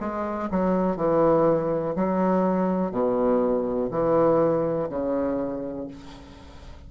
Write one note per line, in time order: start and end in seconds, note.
0.00 0.49 G#3
0.51 0.97 F#3
0.97 1.95 E3
1.96 2.91 F#3
2.91 3.89 B2
3.90 4.89 E3
4.89 5.87 C#3